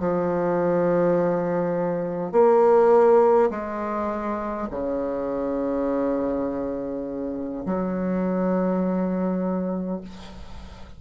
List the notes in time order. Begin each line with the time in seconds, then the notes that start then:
0.00 F3
2.33 A#3
3.51 G#3
4.71 C#3
7.66 F#3